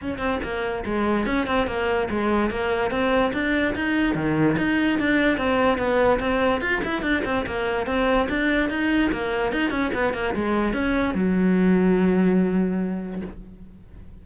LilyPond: \new Staff \with { instrumentName = "cello" } { \time 4/4 \tempo 4 = 145 cis'8 c'8 ais4 gis4 cis'8 c'8 | ais4 gis4 ais4 c'4 | d'4 dis'4 dis4 dis'4 | d'4 c'4 b4 c'4 |
f'8 e'8 d'8 c'8 ais4 c'4 | d'4 dis'4 ais4 dis'8 cis'8 | b8 ais8 gis4 cis'4 fis4~ | fis1 | }